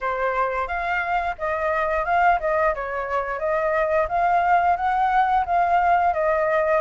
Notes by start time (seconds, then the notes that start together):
0.00 C5
0.67 F5
1.38 D#5
2.05 F5
2.40 D#5
2.75 C#5
3.39 D#5
4.08 F5
4.76 F#5
5.45 F5
6.13 D#5